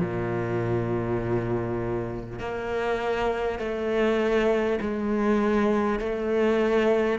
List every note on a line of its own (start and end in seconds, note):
0.00 2.39 A#2
2.39 3.59 A#3
3.59 4.79 A3
4.81 5.99 G#3
5.99 7.19 A3